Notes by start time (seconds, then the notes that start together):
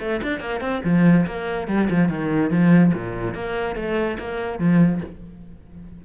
0.00 A3
0.23 D4
0.40 A#3
0.61 C4
0.84 F3
1.27 A#3
1.68 G3
1.90 F3
2.09 D#3
2.51 F3
2.94 A#2
3.35 A#3
3.76 A3
4.19 A#3
4.59 F3